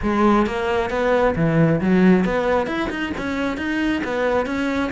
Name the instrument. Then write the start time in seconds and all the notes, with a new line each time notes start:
cello
0.02 G#3
0.46 A#3
0.90 B3
1.35 E3
1.81 F#3
2.24 B3
2.66 E4
2.90 D#4
3.17 C#4
3.57 D#4
4.04 B3
4.46 C#4